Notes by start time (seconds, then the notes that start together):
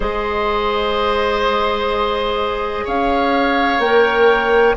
0.00 G#3 G#4 C5 D#5
2.85 C#4 C#5 F5
3.78 A#3 A#4 G5